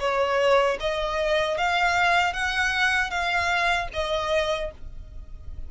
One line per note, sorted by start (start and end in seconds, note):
0.00 0.78 C#5
0.80 1.58 D#5
1.58 2.33 F5
2.33 3.11 F#5
3.11 3.89 F5
3.94 4.71 D#5